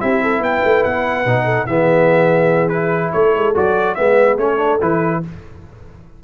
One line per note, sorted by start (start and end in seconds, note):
0.00 0.39 C4
0.00 1.25 E4
0.00 0.22 G4
0.00 0.42 E5
0.22 0.41 A4
0.39 0.60 B3
0.39 1.45 B4
0.39 0.84 G5
0.64 0.85 A3
0.84 1.25 B3
0.84 1.66 F#5
1.25 1.66 B2
1.25 1.68 D#4
1.45 1.66 A4
1.66 3.12 E3
1.66 2.72 B3
1.66 3.14 G#4
1.66 2.69 E5
2.69 3.54 E4
2.69 3.10 B4
3.12 3.35 A3
3.12 3.97 A4
3.12 3.54 C#5
3.35 3.56 G#3
3.54 3.98 F#3
3.54 3.96 F#4
3.54 3.95 D5
3.95 4.37 G#3
3.95 4.38 B3
3.95 4.38 B4
3.95 4.36 E5
4.37 4.79 A3
4.37 4.58 C#4
4.37 5.21 A4
4.37 4.80 C#5
4.58 4.78 D4
4.81 5.23 E3
4.81 5.22 E4
4.81 5.24 B4